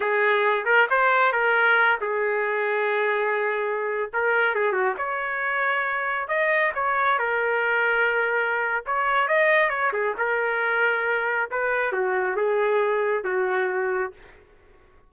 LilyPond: \new Staff \with { instrumentName = "trumpet" } { \time 4/4 \tempo 4 = 136 gis'4. ais'8 c''4 ais'4~ | ais'8 gis'2.~ gis'8~ | gis'4~ gis'16 ais'4 gis'8 fis'8 cis''8.~ | cis''2~ cis''16 dis''4 cis''8.~ |
cis''16 ais'2.~ ais'8. | cis''4 dis''4 cis''8 gis'8 ais'4~ | ais'2 b'4 fis'4 | gis'2 fis'2 | }